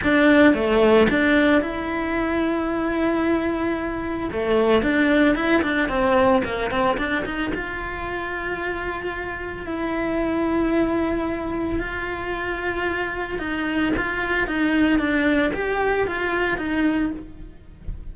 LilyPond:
\new Staff \with { instrumentName = "cello" } { \time 4/4 \tempo 4 = 112 d'4 a4 d'4 e'4~ | e'1 | a4 d'4 e'8 d'8 c'4 | ais8 c'8 d'8 dis'8 f'2~ |
f'2 e'2~ | e'2 f'2~ | f'4 dis'4 f'4 dis'4 | d'4 g'4 f'4 dis'4 | }